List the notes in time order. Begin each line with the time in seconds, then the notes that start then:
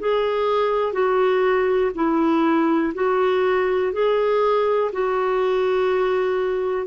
0.00 G#4
0.93 F#4
1.95 E4
2.95 F#4
3.93 G#4
4.93 F#4